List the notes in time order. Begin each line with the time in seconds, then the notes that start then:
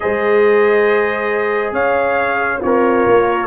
0.00 G#3 G#4 C5 D#5
1.72 C#4 C#5 F5
2.60 C4 F4 A#4 C#5
3.07 A#3